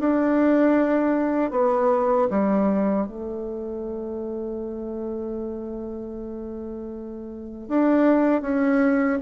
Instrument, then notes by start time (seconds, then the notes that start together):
bassoon
0.00 D4
1.51 B3
2.30 G3
3.07 A3
7.69 D4
8.42 C#4